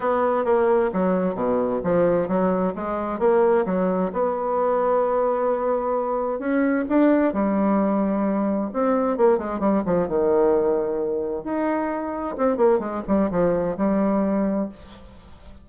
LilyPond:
\new Staff \with { instrumentName = "bassoon" } { \time 4/4 \tempo 4 = 131 b4 ais4 fis4 b,4 | f4 fis4 gis4 ais4 | fis4 b2.~ | b2 cis'4 d'4 |
g2. c'4 | ais8 gis8 g8 f8 dis2~ | dis4 dis'2 c'8 ais8 | gis8 g8 f4 g2 | }